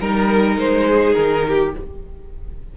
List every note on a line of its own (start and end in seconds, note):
0.00 0.57 G3
0.00 1.75 D#4
0.00 0.59 A#4
0.00 0.88 A#4
0.57 1.15 G#3
0.57 1.14 C5
0.88 1.46 G#4
1.14 1.75 D#3
1.14 1.72 A#4
1.49 1.78 G4